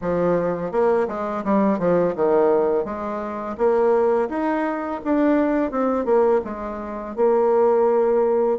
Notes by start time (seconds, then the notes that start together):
0.01 F3
0.71 A#3
1.08 G#3
1.44 G3
1.78 F3
2.15 D#3
2.84 G#3
3.57 A#3
4.29 D#4
5.04 D4
5.71 C4
6.05 A#3
6.44 G#3
7.16 A#3